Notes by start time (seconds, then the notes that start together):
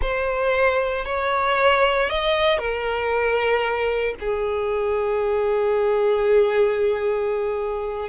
0.01 C5
1.05 C#5
2.09 D#5
2.58 A#4
4.20 G#4